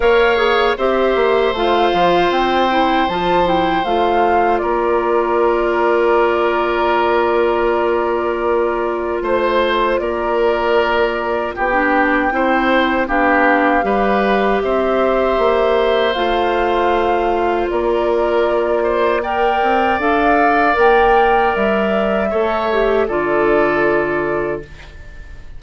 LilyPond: <<
  \new Staff \with { instrumentName = "flute" } { \time 4/4 \tempo 4 = 78 f''4 e''4 f''4 g''4 | a''8 g''8 f''4 d''2~ | d''1 | c''4 d''2 g''4~ |
g''4 f''2 e''4~ | e''4 f''2 d''4~ | d''4 g''4 f''4 g''4 | e''2 d''2 | }
  \new Staff \with { instrumentName = "oboe" } { \time 4/4 cis''4 c''2.~ | c''2 ais'2~ | ais'1 | c''4 ais'2 g'4 |
c''4 g'4 b'4 c''4~ | c''2. ais'4~ | ais'8 c''8 d''2.~ | d''4 cis''4 a'2 | }
  \new Staff \with { instrumentName = "clarinet" } { \time 4/4 ais'8 gis'8 g'4 f'4. e'8 | f'8 e'8 f'2.~ | f'1~ | f'2.~ f'16 d'8. |
e'4 d'4 g'2~ | g'4 f'2.~ | f'4 ais'4 a'4 ais'4~ | ais'4 a'8 g'8 f'2 | }
  \new Staff \with { instrumentName = "bassoon" } { \time 4/4 ais4 c'8 ais8 a8 f8 c'4 | f4 a4 ais2~ | ais1 | a4 ais2 b4 |
c'4 b4 g4 c'4 | ais4 a2 ais4~ | ais4. c'8 d'4 ais4 | g4 a4 d2 | }
>>